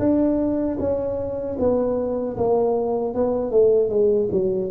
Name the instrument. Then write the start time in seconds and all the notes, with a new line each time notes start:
tuba
0.00 D4
0.80 C#4
1.59 B3
2.37 A#3
3.15 B3
3.52 A3
3.90 G#3
4.32 F#3